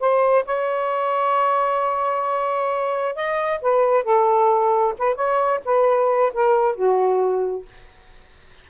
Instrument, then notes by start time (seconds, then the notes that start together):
saxophone
0.00 C5
0.46 C#5
3.16 D#5
3.62 B4
4.04 A4
4.99 B4
5.15 C#5
5.66 B4
6.34 A#4
6.76 F#4